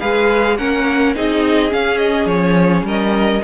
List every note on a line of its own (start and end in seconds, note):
0.00 0.59 G#3
0.00 0.57 G#4
0.00 0.57 B4
0.00 0.57 F5
0.58 1.16 A#3
0.58 1.15 C#4
0.58 1.16 A#4
0.58 1.15 F#5
1.15 1.73 C4
1.15 1.70 D#4
1.15 2.86 G#4
1.15 1.73 D#5
1.70 3.42 C#4
1.70 2.26 C#4
1.70 1.98 F5
1.98 2.26 D#5
2.26 2.82 F3
2.26 2.84 C#5
2.82 3.40 G3
2.82 3.43 A#4
2.82 3.44 D#5